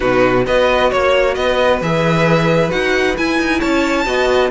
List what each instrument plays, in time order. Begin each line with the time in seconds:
0.00 cello B2, viola D#4, violin F#4 B4
0.46 cello B3, viola F#4, violin B4 D#5
0.89 cello A#3, violin C#5
1.34 cello B3, violin B4 D#5
1.81 cello E3, viola G#4, violin E5
2.70 cello D#4, viola F#4, violin F#5
3.17 cello E4, viola E4, violin G#5
3.39 cello D#4
3.59 cello C#4, violin C#5 A5
4.05 cello B3, viola F#4, violin D#5